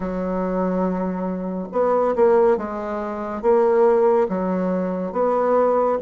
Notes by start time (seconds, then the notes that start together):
0.00 F#3
1.71 B3
2.15 A#3
2.57 G#3
3.42 A#3
4.29 F#3
5.12 B3